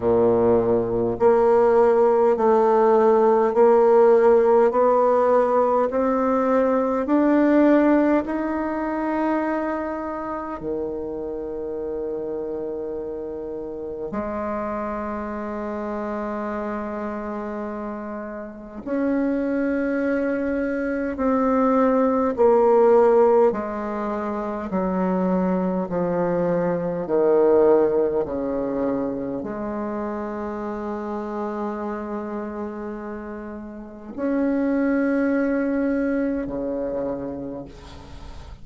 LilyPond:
\new Staff \with { instrumentName = "bassoon" } { \time 4/4 \tempo 4 = 51 ais,4 ais4 a4 ais4 | b4 c'4 d'4 dis'4~ | dis'4 dis2. | gis1 |
cis'2 c'4 ais4 | gis4 fis4 f4 dis4 | cis4 gis2.~ | gis4 cis'2 cis4 | }